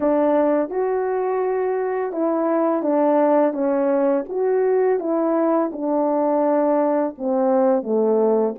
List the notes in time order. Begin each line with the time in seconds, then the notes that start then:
0.00 D4
0.69 F#4
2.12 E4
2.82 D4
3.53 C#4
4.29 F#4
4.99 E4
5.72 D4
7.18 C4
7.82 A3